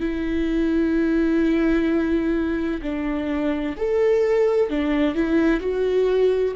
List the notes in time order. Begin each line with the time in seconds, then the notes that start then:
0.00 E4
2.82 D4
3.77 A4
4.70 D4
5.15 E4
5.60 F#4